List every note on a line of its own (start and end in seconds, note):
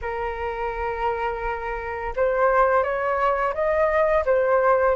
0.01 2.13 A#4
2.15 2.83 C5
2.83 3.53 C#5
3.54 4.24 D#5
4.25 4.95 C5